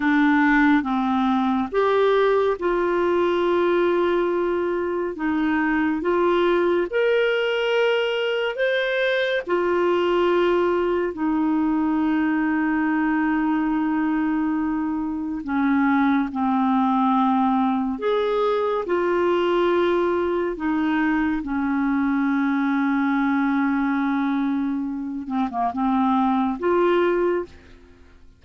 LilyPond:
\new Staff \with { instrumentName = "clarinet" } { \time 4/4 \tempo 4 = 70 d'4 c'4 g'4 f'4~ | f'2 dis'4 f'4 | ais'2 c''4 f'4~ | f'4 dis'2.~ |
dis'2 cis'4 c'4~ | c'4 gis'4 f'2 | dis'4 cis'2.~ | cis'4. c'16 ais16 c'4 f'4 | }